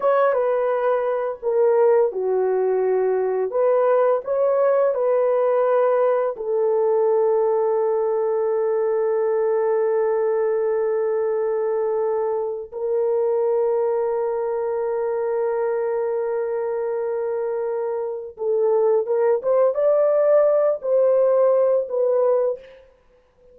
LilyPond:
\new Staff \with { instrumentName = "horn" } { \time 4/4 \tempo 4 = 85 cis''8 b'4. ais'4 fis'4~ | fis'4 b'4 cis''4 b'4~ | b'4 a'2.~ | a'1~ |
a'2 ais'2~ | ais'1~ | ais'2 a'4 ais'8 c''8 | d''4. c''4. b'4 | }